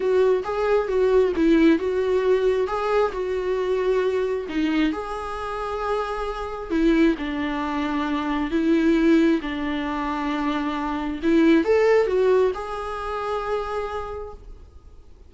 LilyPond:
\new Staff \with { instrumentName = "viola" } { \time 4/4 \tempo 4 = 134 fis'4 gis'4 fis'4 e'4 | fis'2 gis'4 fis'4~ | fis'2 dis'4 gis'4~ | gis'2. e'4 |
d'2. e'4~ | e'4 d'2.~ | d'4 e'4 a'4 fis'4 | gis'1 | }